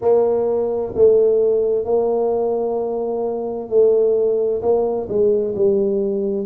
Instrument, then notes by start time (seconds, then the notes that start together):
tuba
0.01 A#3
0.95 A3
1.84 A#3
3.69 A3
4.62 A#3
5.08 G#3
5.55 G3